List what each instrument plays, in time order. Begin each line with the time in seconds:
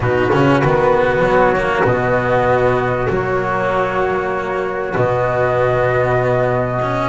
0.00 double bass B2, cello D#4, trumpet F#4, flute B4
0.32 double bass C#3, cello C#4
0.64 double bass D#3, cello B3
1.19 double bass F#3
1.26 flute C#5
1.56 cello A#3
1.83 double bass B2, cello B3, flute D#5
3.09 double bass F#3, cello A#3, flute C#5
4.93 double bass B2, cello B3, flute D#5
6.82 cello C#4